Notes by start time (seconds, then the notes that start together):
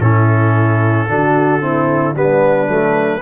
0.00 A2 C#4 E4 A4
1.09 D3 D4 F#4
1.61 C4 E4
2.15 G3 B3 D4 B4
2.68 F#3 A3